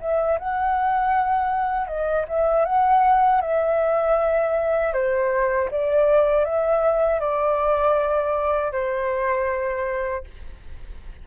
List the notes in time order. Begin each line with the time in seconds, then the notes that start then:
0.00 E5
0.39 F#5
1.87 D#5
2.28 E5
2.65 F#5
3.41 E5
4.93 C5
5.71 D5
6.45 E5
7.20 D5
8.72 C5